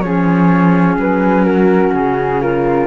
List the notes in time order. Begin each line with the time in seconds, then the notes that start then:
0.00 F3 C#4 G#4 C#5
0.96 F#3 B4
1.44 F#4 A#4
1.93 C#3 G#4
2.40 F4 A#4